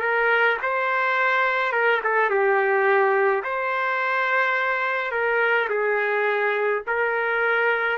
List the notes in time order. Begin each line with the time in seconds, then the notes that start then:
0.00 A#4
0.62 C5
1.72 A#4
2.03 A4
2.30 G4
3.43 C5
5.11 A#4
5.69 G#4
6.86 A#4